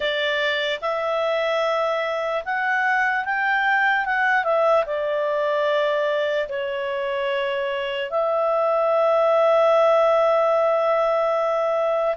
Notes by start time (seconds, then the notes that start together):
0.00 D5
0.81 E5
2.44 F#5
3.24 G5
4.05 F#5
4.44 E5
4.85 D5
6.48 C#5
8.10 E5